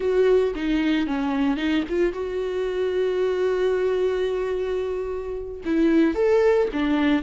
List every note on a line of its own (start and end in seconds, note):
0.00 0.54 F#4
0.55 1.06 D#4
1.06 1.56 C#4
1.56 1.83 D#4
1.89 2.13 F4
2.13 5.61 F#4
5.65 6.14 E4
6.14 6.68 A4
6.72 7.22 D4